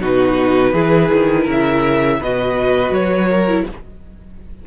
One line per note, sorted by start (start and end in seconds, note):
0.00 0.73 B2
0.00 0.74 D#4
0.00 0.73 F#4
0.00 1.50 B4
0.73 1.10 E3
0.73 2.21 E4
0.73 1.44 G#4
1.12 1.47 D#3
1.44 2.20 C#3
1.44 2.17 A#4
1.51 2.23 E5
2.20 2.90 B2
2.20 3.48 F#4
2.20 3.29 B4
2.20 2.94 D#5
2.90 3.63 F#3
2.90 3.67 C#5
3.29 3.65 A#4
3.48 3.67 E4